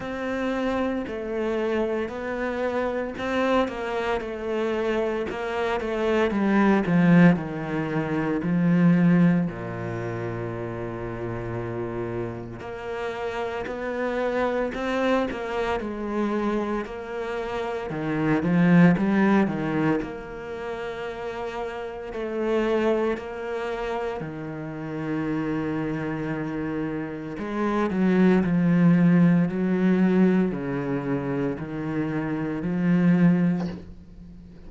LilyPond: \new Staff \with { instrumentName = "cello" } { \time 4/4 \tempo 4 = 57 c'4 a4 b4 c'8 ais8 | a4 ais8 a8 g8 f8 dis4 | f4 ais,2. | ais4 b4 c'8 ais8 gis4 |
ais4 dis8 f8 g8 dis8 ais4~ | ais4 a4 ais4 dis4~ | dis2 gis8 fis8 f4 | fis4 cis4 dis4 f4 | }